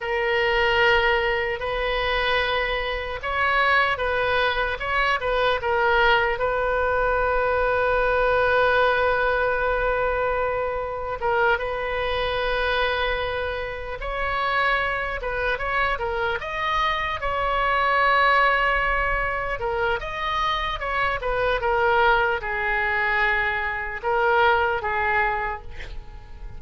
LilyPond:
\new Staff \with { instrumentName = "oboe" } { \time 4/4 \tempo 4 = 75 ais'2 b'2 | cis''4 b'4 cis''8 b'8 ais'4 | b'1~ | b'2 ais'8 b'4.~ |
b'4. cis''4. b'8 cis''8 | ais'8 dis''4 cis''2~ cis''8~ | cis''8 ais'8 dis''4 cis''8 b'8 ais'4 | gis'2 ais'4 gis'4 | }